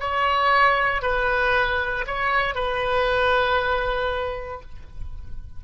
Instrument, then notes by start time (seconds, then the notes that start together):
oboe
0.00 C#5
1.02 B4
2.07 C#5
2.55 B4